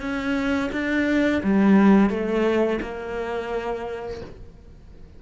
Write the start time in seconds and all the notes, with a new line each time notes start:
0.00 C#4
0.72 D4
1.43 G3
2.09 A3
2.81 A#3